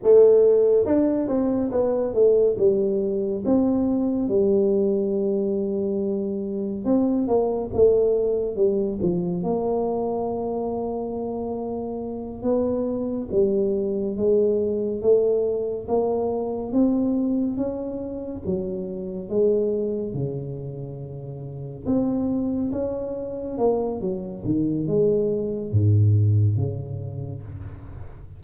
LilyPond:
\new Staff \with { instrumentName = "tuba" } { \time 4/4 \tempo 4 = 70 a4 d'8 c'8 b8 a8 g4 | c'4 g2. | c'8 ais8 a4 g8 f8 ais4~ | ais2~ ais8 b4 g8~ |
g8 gis4 a4 ais4 c'8~ | c'8 cis'4 fis4 gis4 cis8~ | cis4. c'4 cis'4 ais8 | fis8 dis8 gis4 gis,4 cis4 | }